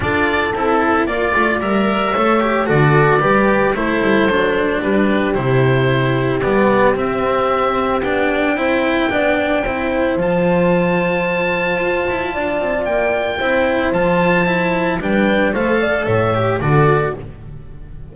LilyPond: <<
  \new Staff \with { instrumentName = "oboe" } { \time 4/4 \tempo 4 = 112 d''4 a'4 d''4 e''4~ | e''4 d''2 c''4~ | c''4 b'4 c''2 | d''4 e''2 g''4~ |
g''2. a''4~ | a''1 | g''2 a''2 | g''4 f''4 e''4 d''4 | }
  \new Staff \with { instrumentName = "horn" } { \time 4/4 a'2 d''2 | cis''4 a'4 b'4 a'4~ | a'4 g'2.~ | g'1 |
c''4 d''4 c''2~ | c''2. d''4~ | d''4 c''2. | b'4 c''8 d''8 cis''4 a'4 | }
  \new Staff \with { instrumentName = "cello" } { \time 4/4 f'4 e'4 f'4 ais'4 | a'8 g'8 fis'4 g'4 e'4 | d'2 e'2 | b4 c'2 d'4 |
e'4 d'4 e'4 f'4~ | f'1~ | f'4 e'4 f'4 e'4 | d'4 a'4. g'8 fis'4 | }
  \new Staff \with { instrumentName = "double bass" } { \time 4/4 d'4 c'4 ais8 a8 g4 | a4 d4 g4 a8 g8 | fis4 g4 c2 | g4 c'2 b4 |
c'4 b4 c'4 f4~ | f2 f'8 e'8 d'8 c'8 | ais4 c'4 f2 | g4 a4 a,4 d4 | }
>>